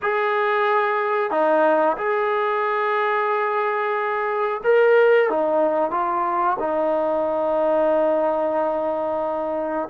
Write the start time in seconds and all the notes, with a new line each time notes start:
0.01 G#4
1.30 D#4
1.97 G#4
4.63 A#4
5.29 D#4
5.90 F4
6.59 D#4